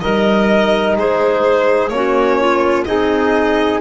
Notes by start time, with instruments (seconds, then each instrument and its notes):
0.00 double bass G3, trombone D#4, clarinet A#4, violin D#5
0.96 double bass G#3, clarinet G#4, violin C5
1.89 double bass A#3, trombone C#4, clarinet F#4, violin C#5
2.39 clarinet F4
2.85 double bass C4, clarinet D#4, trombone G#4, violin D#5